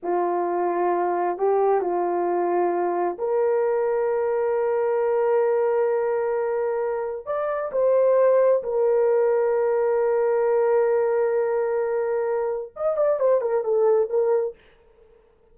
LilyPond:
\new Staff \with { instrumentName = "horn" } { \time 4/4 \tempo 4 = 132 f'2. g'4 | f'2. ais'4~ | ais'1~ | ais'1 |
d''4 c''2 ais'4~ | ais'1~ | ais'1 | dis''8 d''8 c''8 ais'8 a'4 ais'4 | }